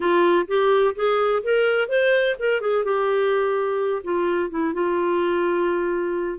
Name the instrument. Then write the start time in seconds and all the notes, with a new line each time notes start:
clarinet
0.00 F4
0.47 G4
0.95 G#4
1.43 A#4
1.88 C5
2.39 A#4
2.60 G#4
2.84 G4
4.03 F4
4.50 E4
4.73 F4